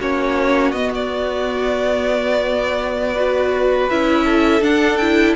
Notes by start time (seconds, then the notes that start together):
0.00 A#3 C#4 F#4 C#5
0.72 B3 D#5
0.95 D5
3.14 F#4 B4
3.90 C#4 E4 E5
4.25 A4
4.61 D4 F#5
4.97 E4 G5